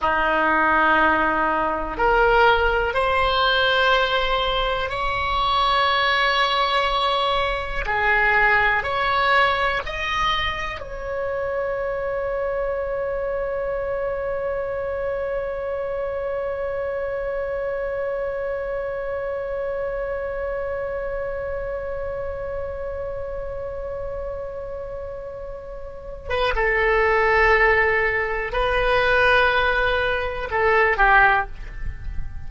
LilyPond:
\new Staff \with { instrumentName = "oboe" } { \time 4/4 \tempo 4 = 61 dis'2 ais'4 c''4~ | c''4 cis''2. | gis'4 cis''4 dis''4 cis''4~ | cis''1~ |
cis''1~ | cis''1~ | cis''2~ cis''8. b'16 a'4~ | a'4 b'2 a'8 g'8 | }